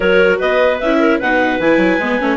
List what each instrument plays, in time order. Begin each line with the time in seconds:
0.00 bassoon F#3, viola F#4, clarinet A#4 C#5
0.38 bassoon B3, clarinet B4 D#5
0.80 bassoon C#4, viola E4, clarinet E5
0.99 clarinet A#4
1.19 bassoon B2, viola D#4, clarinet B4 F#5
1.59 bassoon E3, viola E4, clarinet G#5
1.77 bassoon F#3
1.99 bassoon G#3, viola B3
2.19 bassoon A3, viola C#4